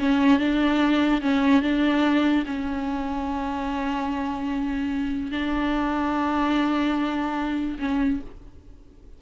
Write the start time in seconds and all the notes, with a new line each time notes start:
0.00 C#4
0.39 D4
1.22 C#4
1.63 D4
2.47 C#4
5.32 D4
7.80 C#4